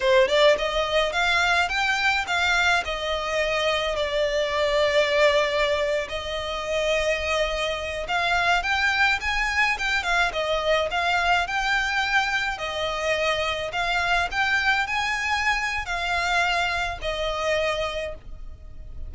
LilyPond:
\new Staff \with { instrumentName = "violin" } { \time 4/4 \tempo 4 = 106 c''8 d''8 dis''4 f''4 g''4 | f''4 dis''2 d''4~ | d''2~ d''8. dis''4~ dis''16~ | dis''2~ dis''16 f''4 g''8.~ |
g''16 gis''4 g''8 f''8 dis''4 f''8.~ | f''16 g''2 dis''4.~ dis''16~ | dis''16 f''4 g''4 gis''4.~ gis''16 | f''2 dis''2 | }